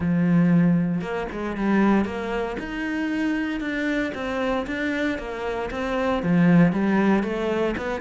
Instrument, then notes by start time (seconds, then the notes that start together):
cello
0.00 F3
1.01 A#3
1.31 G#3
1.56 G3
2.05 A#3
2.59 D#4
3.60 D4
4.14 C4
4.66 D4
5.18 A#3
5.71 C4
6.22 F3
6.72 G3
7.23 A3
7.77 B3